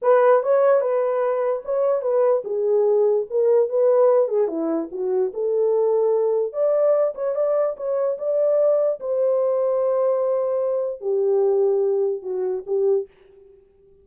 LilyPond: \new Staff \with { instrumentName = "horn" } { \time 4/4 \tempo 4 = 147 b'4 cis''4 b'2 | cis''4 b'4 gis'2 | ais'4 b'4. gis'8 e'4 | fis'4 a'2. |
d''4. cis''8 d''4 cis''4 | d''2 c''2~ | c''2. g'4~ | g'2 fis'4 g'4 | }